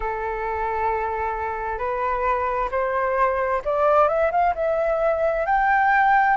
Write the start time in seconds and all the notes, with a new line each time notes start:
0.00 A4
1.78 B4
2.71 C5
3.64 D5
4.08 E5
4.31 F5
4.55 E5
5.45 G5